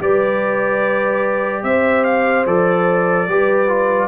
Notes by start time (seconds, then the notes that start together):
0.00 G3 G4 B4 D5
1.64 C4 C5 E5
2.04 F5
2.46 F3 A4 D5
3.29 G3 G4 B4
3.69 F4